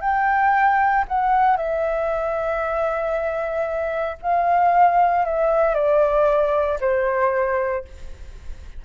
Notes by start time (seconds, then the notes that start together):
0.00 G5
1.08 F#5
1.56 E5
4.22 F5
5.25 E5
5.74 D5
6.80 C5